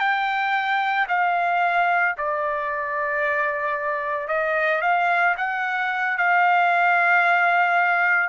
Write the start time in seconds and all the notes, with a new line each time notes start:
0.00 G5
1.09 F5
2.18 D5
4.28 D#5
4.82 F5
5.37 F#5
6.18 F5